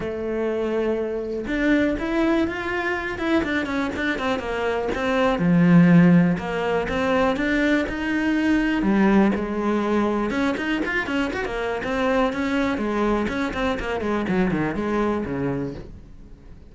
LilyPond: \new Staff \with { instrumentName = "cello" } { \time 4/4 \tempo 4 = 122 a2. d'4 | e'4 f'4. e'8 d'8 cis'8 | d'8 c'8 ais4 c'4 f4~ | f4 ais4 c'4 d'4 |
dis'2 g4 gis4~ | gis4 cis'8 dis'8 f'8 cis'8 fis'16 ais8. | c'4 cis'4 gis4 cis'8 c'8 | ais8 gis8 fis8 dis8 gis4 cis4 | }